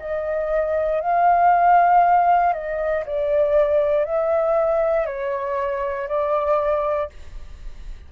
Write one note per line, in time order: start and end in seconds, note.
0.00 1.01 D#5
1.01 2.53 F5
2.53 3.04 D#5
3.06 4.05 D5
4.05 5.07 E5
5.07 6.08 C#5
6.08 7.10 D5